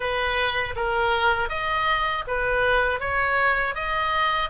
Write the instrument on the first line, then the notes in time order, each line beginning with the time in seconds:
oboe
0.00 B4
0.75 A#4
1.49 D#5
2.27 B4
3.00 C#5
3.75 D#5